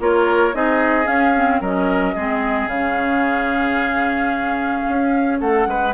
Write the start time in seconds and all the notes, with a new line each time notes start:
0.00 A#3 F4 A#4 C#5
0.54 C4 D#4 G#4 D#5
1.05 C#4 F5
1.36 C4
1.61 F#3 C#4 A#4 D#5
2.15 G#3 C4 G#4
2.67 C#3 C#4 F5
4.90 C#4
5.40 A3 A4 F#5
5.68 G#3 B4